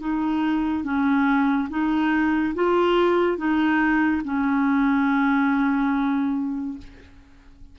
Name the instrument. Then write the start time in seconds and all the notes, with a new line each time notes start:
clarinet
0.00 D#4
0.84 C#4
1.70 D#4
2.55 F4
3.38 D#4
4.25 C#4